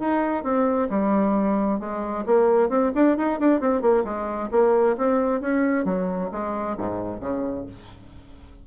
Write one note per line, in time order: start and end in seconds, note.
0.00 0.44 D#4
0.44 0.89 C4
0.90 1.80 G3
1.80 2.25 G#3
2.26 2.69 A#3
2.69 2.92 C4
2.95 3.17 D4
3.17 3.40 D#4
3.40 3.61 D4
3.61 3.82 C4
3.82 4.04 A#3
4.05 4.50 G#3
4.52 4.97 A#3
4.97 5.41 C4
5.41 5.85 C#4
5.85 6.30 F#3
6.32 6.77 G#3
6.78 7.21 G#2
7.21 7.66 C#3